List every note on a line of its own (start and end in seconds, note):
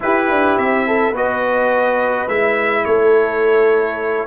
0.00 1.14 E4
0.00 0.30 E4
0.00 0.87 G4
0.00 0.57 B4
0.30 0.58 D4
0.57 1.12 C4
0.57 1.15 E5
0.87 1.11 A4
1.11 2.26 B3
1.11 2.28 F#4
1.11 2.82 B4
1.11 2.28 D#5
2.28 2.85 G#3
2.28 4.26 E4
2.28 2.84 E5
2.84 4.26 A3
2.84 4.26 A4
2.84 4.26 C#5